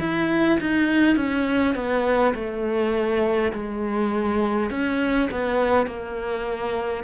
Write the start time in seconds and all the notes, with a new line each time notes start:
0.00 E4
0.60 D#4
1.17 C#4
1.75 B3
2.35 A3
3.52 G#3
4.70 C#4
5.31 B3
5.87 A#3